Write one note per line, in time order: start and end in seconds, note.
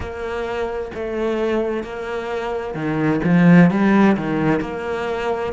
0.00 0.91 A#3
0.94 1.83 A3
1.83 2.74 A#3
2.74 3.20 D#3
3.23 3.70 F3
3.70 4.16 G3
4.17 4.60 D#3
4.60 5.53 A#3